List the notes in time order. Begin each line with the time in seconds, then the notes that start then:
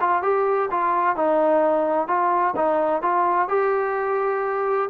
0.00 F4
0.22 G4
0.70 F4
1.15 D#4
2.07 F4
2.55 D#4
3.02 F4
3.48 G4